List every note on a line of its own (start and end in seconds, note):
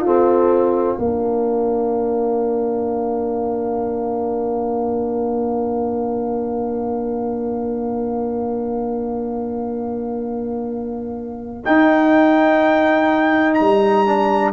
0.00 0.99 C4
0.00 0.97 F4
0.00 0.99 A4
0.00 11.62 F5
0.98 11.63 A#3
0.98 11.63 D4
0.98 14.53 A#4
11.65 14.06 D#4
11.65 13.60 D#4
11.65 13.54 G5
13.54 14.50 A#5
13.60 14.53 G3
14.06 14.53 D4